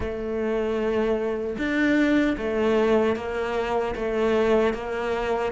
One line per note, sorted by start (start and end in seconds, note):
0.00 1.56 A3
1.58 2.36 D4
2.37 3.15 A3
3.15 3.94 A#3
3.95 4.73 A3
4.73 5.52 A#3